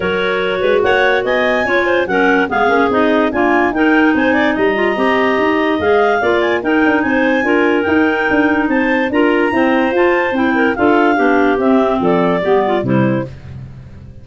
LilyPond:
<<
  \new Staff \with { instrumentName = "clarinet" } { \time 4/4 \tempo 4 = 145 cis''2 fis''4 gis''4~ | gis''4 fis''4 f''4 dis''4 | gis''4 g''4 gis''4 ais''4~ | ais''2 f''4. gis''8 |
g''4 gis''2 g''4~ | g''4 a''4 ais''2 | a''4 g''4 f''2 | e''4 d''2 c''4 | }
  \new Staff \with { instrumentName = "clarinet" } { \time 4/4 ais'4. b'8 cis''4 dis''4 | cis''8 c''8 ais'4 gis'2 | f'4 ais'4 c''8 d''8 dis''4~ | dis''2. d''4 |
ais'4 c''4 ais'2~ | ais'4 c''4 ais'4 c''4~ | c''4. ais'8 a'4 g'4~ | g'4 a'4 g'8 f'8 e'4 | }
  \new Staff \with { instrumentName = "clarinet" } { \time 4/4 fis'1 | f'4 cis'4 b8 cis'8 dis'4 | ais4 dis'2~ dis'8 f'8 | g'2 gis'4 f'4 |
dis'2 f'4 dis'4~ | dis'2 f'4 c'4 | f'4 e'4 f'4 d'4 | c'2 b4 g4 | }
  \new Staff \with { instrumentName = "tuba" } { \time 4/4 fis4. gis8 ais4 b4 | cis'4 fis4 gis8 ais8 c'4 | d'4 dis'4 c'4 g4 | c'4 dis'4 gis4 ais4 |
dis'8 d'8 c'4 d'4 dis'4 | d'4 c'4 d'4 e'4 | f'4 c'4 d'4 b4 | c'4 f4 g4 c4 | }
>>